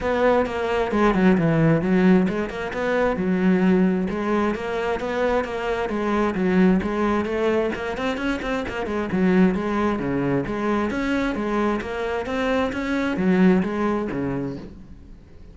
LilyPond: \new Staff \with { instrumentName = "cello" } { \time 4/4 \tempo 4 = 132 b4 ais4 gis8 fis8 e4 | fis4 gis8 ais8 b4 fis4~ | fis4 gis4 ais4 b4 | ais4 gis4 fis4 gis4 |
a4 ais8 c'8 cis'8 c'8 ais8 gis8 | fis4 gis4 cis4 gis4 | cis'4 gis4 ais4 c'4 | cis'4 fis4 gis4 cis4 | }